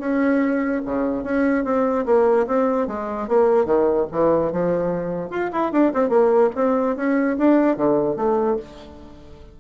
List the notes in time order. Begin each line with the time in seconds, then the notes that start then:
0.00 C#4
0.86 C#3
1.24 C#4
1.65 C4
2.06 A#3
2.47 C4
2.88 G#3
3.29 A#3
3.66 D#3
4.12 E3
4.53 F3
5.30 F4
5.53 E4
5.73 D4
5.94 C4
6.10 A#3
6.55 C4
6.96 C#4
7.38 D4
7.77 D3
8.17 A3